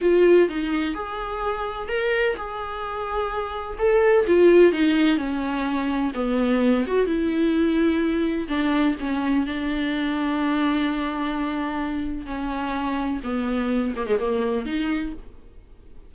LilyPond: \new Staff \with { instrumentName = "viola" } { \time 4/4 \tempo 4 = 127 f'4 dis'4 gis'2 | ais'4 gis'2. | a'4 f'4 dis'4 cis'4~ | cis'4 b4. fis'8 e'4~ |
e'2 d'4 cis'4 | d'1~ | d'2 cis'2 | b4. ais16 gis16 ais4 dis'4 | }